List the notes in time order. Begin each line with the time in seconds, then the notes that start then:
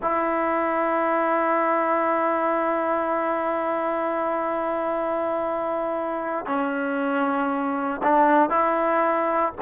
0.01 E4
6.46 C#4
8.03 D4
8.49 E4